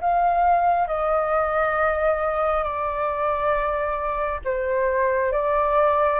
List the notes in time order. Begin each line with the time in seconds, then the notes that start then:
0.00 F5
0.87 D#5
2.63 D5
4.44 C5
5.32 D5